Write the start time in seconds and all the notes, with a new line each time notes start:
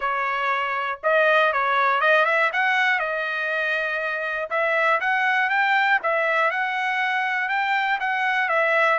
0.00 C#5
1.02 D#5
1.52 C#5
2.00 D#5
2.25 E5
2.52 F#5
2.99 D#5
4.50 E5
5.00 F#5
5.49 G5
6.02 E5
6.50 F#5
7.48 G5
8.00 F#5
8.48 E5